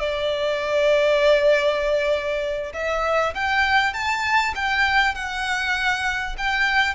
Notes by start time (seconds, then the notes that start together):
0.00 D5
2.73 E5
3.34 G5
3.93 A5
4.55 G5
5.15 F#5
6.37 G5